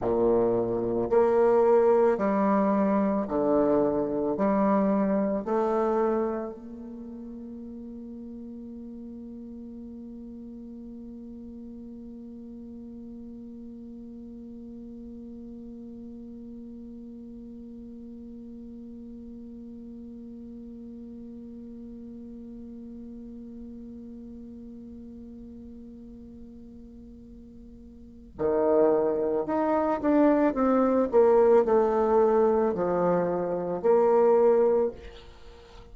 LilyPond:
\new Staff \with { instrumentName = "bassoon" } { \time 4/4 \tempo 4 = 55 ais,4 ais4 g4 d4 | g4 a4 ais2~ | ais1~ | ais1~ |
ais1~ | ais1~ | ais2 dis4 dis'8 d'8 | c'8 ais8 a4 f4 ais4 | }